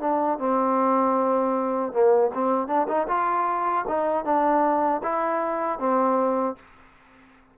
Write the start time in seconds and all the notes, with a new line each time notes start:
0.00 D4
0.38 C4
1.93 A#3
2.34 C4
2.67 D4
2.88 D#4
3.08 F4
3.88 D#4
4.24 D4
5.03 E4
5.79 C4